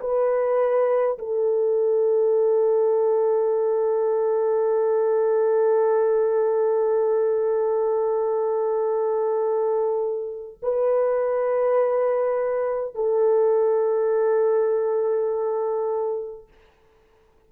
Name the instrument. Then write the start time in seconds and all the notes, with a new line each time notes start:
horn
0.00 B4
1.18 A4
10.62 B4
12.94 A4